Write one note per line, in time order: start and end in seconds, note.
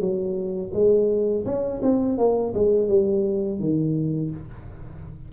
0.00 0.71 F#3
0.73 1.45 G#3
1.45 1.81 C#4
1.82 2.18 C4
2.18 2.54 A#3
2.54 2.88 G#3
2.88 3.59 G3
3.59 4.31 D#3